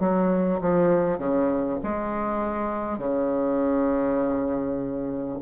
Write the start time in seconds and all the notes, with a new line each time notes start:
0.00 F#3
0.61 F3
1.18 C#3
1.84 G#3
2.98 C#3